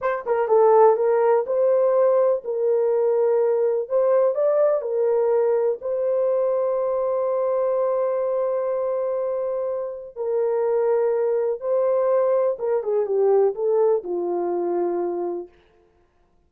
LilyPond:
\new Staff \with { instrumentName = "horn" } { \time 4/4 \tempo 4 = 124 c''8 ais'8 a'4 ais'4 c''4~ | c''4 ais'2. | c''4 d''4 ais'2 | c''1~ |
c''1~ | c''4 ais'2. | c''2 ais'8 gis'8 g'4 | a'4 f'2. | }